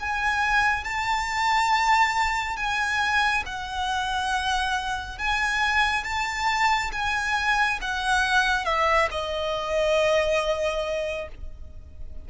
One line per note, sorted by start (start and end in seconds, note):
0.00 0.85 G#5
0.85 2.57 A5
2.57 3.43 G#5
3.46 5.18 F#5
5.18 6.04 G#5
6.04 6.91 A5
6.92 7.79 G#5
7.81 8.65 F#5
8.65 9.09 E5
9.11 11.28 D#5